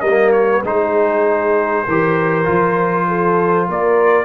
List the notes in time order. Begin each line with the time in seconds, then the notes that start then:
0.00 G3 A#4 D#5
0.08 A#3
0.32 C#5
0.64 G#3 D#4 G#4 C5
1.84 E3 G4 A#4
2.44 F3 F4
3.08 A4
3.68 A#3 A#4 D5